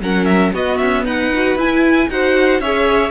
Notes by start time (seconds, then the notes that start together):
0.00 F#3 C#4 A#4 F#5
0.25 E5
0.53 B3 F#4 D#5
0.77 C#4 E5
1.04 D#4 B4 F#5
1.32 F#4
1.55 E4 G#5
2.09 D#4 F#4 C5 F#5
2.59 C#4 G#4 C#5 E5